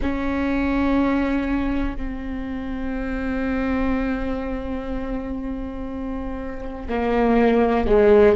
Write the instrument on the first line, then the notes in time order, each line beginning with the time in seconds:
viola
0.02 C#4
1.96 C4
6.89 A#3
7.86 G#3